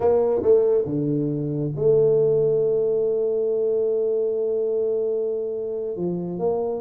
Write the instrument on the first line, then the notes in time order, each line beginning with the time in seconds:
tuba
0.00 A#3
0.42 A3
0.85 D3
1.75 A3
5.96 F3
6.38 A#3